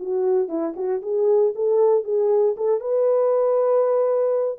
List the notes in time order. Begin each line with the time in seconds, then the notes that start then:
0.00 F#4
0.49 E4
0.76 F#4
1.03 G#4
1.56 A4
2.05 G#4
2.57 A4
2.81 B4